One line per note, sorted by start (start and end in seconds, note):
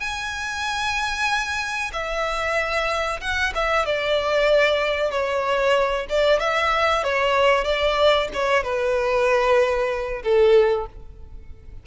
0.00 1.91 G#5
1.93 3.21 E5
3.21 3.53 F#5
3.55 3.86 E5
3.86 5.11 D5
5.11 6.07 C#5
6.09 6.40 D5
6.40 7.04 E5
7.04 7.65 C#5
7.65 8.29 D5
8.34 8.63 C#5
8.63 10.23 B4
10.23 10.87 A4